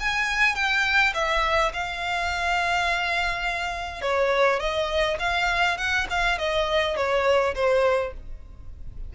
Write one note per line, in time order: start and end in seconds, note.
0.00 0.55 G#5
0.55 1.13 G5
1.14 1.72 E5
1.73 4.02 F5
4.02 4.59 C#5
4.59 5.18 D#5
5.19 5.77 F5
5.78 6.07 F#5
6.10 6.38 F5
6.38 6.96 D#5
6.96 7.54 C#5
7.55 8.13 C5